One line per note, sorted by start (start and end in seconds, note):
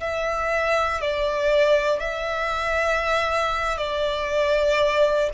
0.00 1.01 E5
1.01 2.00 D5
2.00 3.77 E5
3.77 5.30 D5